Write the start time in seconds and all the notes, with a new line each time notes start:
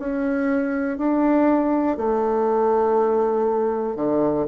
0.00 C#4
0.98 D4
1.98 A3
3.96 D3